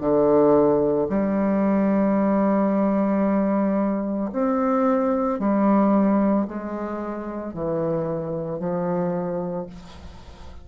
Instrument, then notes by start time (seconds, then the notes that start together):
bassoon
0.00 D3
1.09 G3
4.32 C4
5.39 G3
6.47 G#3
7.53 E3
8.59 F3